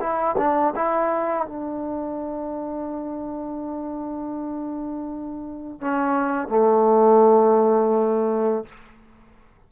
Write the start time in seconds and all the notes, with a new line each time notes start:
0.00 E4
0.38 D4
0.76 E4
1.47 D4
5.81 C#4
6.48 A3